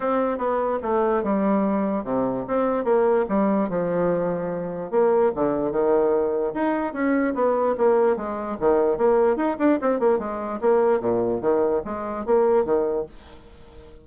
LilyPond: \new Staff \with { instrumentName = "bassoon" } { \time 4/4 \tempo 4 = 147 c'4 b4 a4 g4~ | g4 c4 c'4 ais4 | g4 f2. | ais4 d4 dis2 |
dis'4 cis'4 b4 ais4 | gis4 dis4 ais4 dis'8 d'8 | c'8 ais8 gis4 ais4 ais,4 | dis4 gis4 ais4 dis4 | }